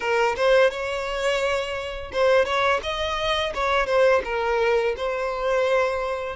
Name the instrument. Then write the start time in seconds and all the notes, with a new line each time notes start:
violin
0.00 A#4
0.36 C5
0.70 C#5
2.12 C5
2.45 C#5
2.82 D#5
3.54 C#5
3.86 C5
4.24 A#4
4.96 C5